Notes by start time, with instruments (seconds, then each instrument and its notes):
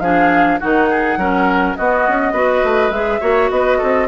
0.00 bassoon F3, clarinet D4, oboe G#4, flute F5
0.60 bassoon D#3, clarinet D#4, oboe F#4, flute F#5
0.90 oboe G#4
1.17 bassoon F#3, clarinet C#4, oboe A#4
1.76 bassoon B3, clarinet B3, oboe F#4, flute D#5
2.08 bassoon C#4
2.32 bassoon B3, clarinet F#4, oboe B4
2.64 bassoon A3
2.90 bassoon G#3, clarinet G#4, flute E5
3.20 bassoon A#3, clarinet F#4, oboe C#5
3.50 bassoon B3, oboe B4, flute D#5
3.78 bassoon C4, oboe A4